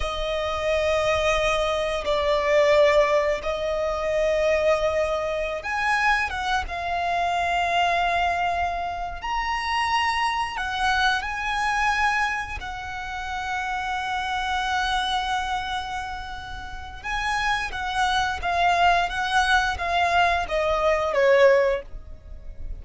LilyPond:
\new Staff \with { instrumentName = "violin" } { \time 4/4 \tempo 4 = 88 dis''2. d''4~ | d''4 dis''2.~ | dis''16 gis''4 fis''8 f''2~ f''16~ | f''4. ais''2 fis''8~ |
fis''8 gis''2 fis''4.~ | fis''1~ | fis''4 gis''4 fis''4 f''4 | fis''4 f''4 dis''4 cis''4 | }